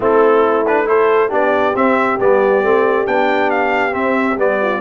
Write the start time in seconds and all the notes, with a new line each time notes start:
0.00 A3 C4 E4 A4
0.65 D4 B4
0.85 E4 A4 C5
1.29 B3 D4 G4 D5
1.75 C4 E5
2.19 G3 B3 D5
2.62 A3 C4
3.06 B3 D4 G5
3.50 F5
3.91 C4 E5
4.37 G3 B3 D5
4.61 F4